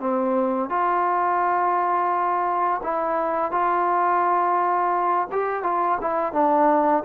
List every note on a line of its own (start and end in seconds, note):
0.00 0.69 C4
0.69 2.81 F4
2.83 3.51 E4
3.51 5.28 F4
5.32 5.63 G4
5.63 5.98 F4
6.01 6.33 E4
6.33 7.03 D4